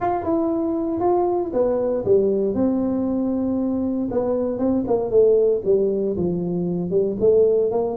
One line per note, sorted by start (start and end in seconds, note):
0.00 0.24 F4
0.24 1.00 E4
1.00 1.51 F4
1.53 2.04 B3
2.04 2.54 G3
2.54 4.08 C4
4.10 4.58 B3
4.58 4.84 C4
4.87 5.10 A#3
5.10 5.61 A3
5.65 6.16 G3
6.16 6.90 F3
6.90 7.15 G3
7.20 7.71 A3
7.71 7.96 A#3